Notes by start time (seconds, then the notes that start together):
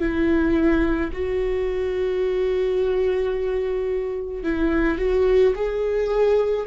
0.00 E4
1.13 F#4
4.43 E4
4.98 F#4
5.55 G#4